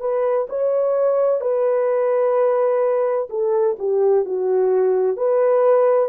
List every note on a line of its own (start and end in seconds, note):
0.00 0.47 B4
0.49 1.40 C#5
1.40 3.28 B4
3.29 3.76 A4
3.78 4.25 G4
4.25 5.16 F#4
5.16 6.09 B4